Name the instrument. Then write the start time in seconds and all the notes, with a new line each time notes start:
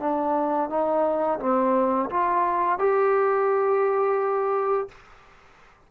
trombone
0.00 D4
0.69 D#4
1.40 C4
2.10 F4
2.79 G4